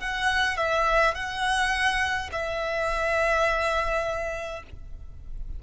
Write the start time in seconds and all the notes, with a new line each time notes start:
0.00 F#5
0.57 E5
1.14 F#5
2.32 E5